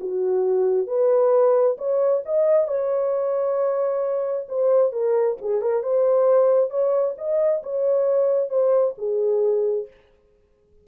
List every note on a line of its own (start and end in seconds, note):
0.00 0.87 F#4
0.87 1.76 B4
1.77 2.22 C#5
2.25 2.67 D#5
2.67 4.47 C#5
4.48 4.92 C5
4.92 5.37 A#4
5.41 5.61 G#4
5.61 5.83 A#4
5.83 6.70 C5
6.70 7.14 C#5
7.17 7.62 D#5
7.63 8.49 C#5
8.49 8.94 C5
8.98 9.87 G#4